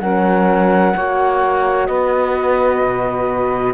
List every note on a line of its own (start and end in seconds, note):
0.00 0.94 F#3
0.00 0.95 C#4
0.00 0.95 A#4
0.00 1.86 F#5
0.95 1.89 A#3
0.95 3.74 F#4
0.95 1.88 C#5
1.86 2.81 B3
1.86 3.74 B4
1.86 3.74 D#5
2.81 3.74 B2